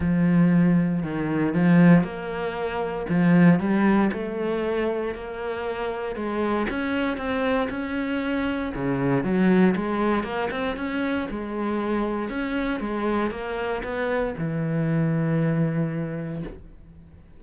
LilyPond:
\new Staff \with { instrumentName = "cello" } { \time 4/4 \tempo 4 = 117 f2 dis4 f4 | ais2 f4 g4 | a2 ais2 | gis4 cis'4 c'4 cis'4~ |
cis'4 cis4 fis4 gis4 | ais8 c'8 cis'4 gis2 | cis'4 gis4 ais4 b4 | e1 | }